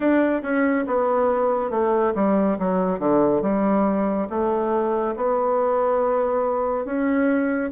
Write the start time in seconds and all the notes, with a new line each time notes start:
0.00 D4
0.42 C#4
0.86 B3
1.70 A3
2.14 G3
2.59 F#3
2.99 D3
3.42 G3
4.29 A3
5.16 B3
6.85 C#4